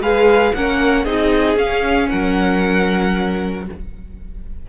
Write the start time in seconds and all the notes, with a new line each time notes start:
0.00 G#3 G#4 B4 F5
0.54 A#3 C#4 A#4 F#5
1.04 C4 D#4 G#4 D#5
1.56 C#4 F5
2.09 F#3 A#4 F#5